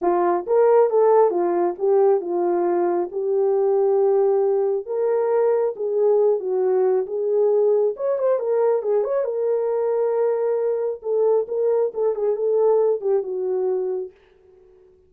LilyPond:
\new Staff \with { instrumentName = "horn" } { \time 4/4 \tempo 4 = 136 f'4 ais'4 a'4 f'4 | g'4 f'2 g'4~ | g'2. ais'4~ | ais'4 gis'4. fis'4. |
gis'2 cis''8 c''8 ais'4 | gis'8 cis''8 ais'2.~ | ais'4 a'4 ais'4 a'8 gis'8 | a'4. g'8 fis'2 | }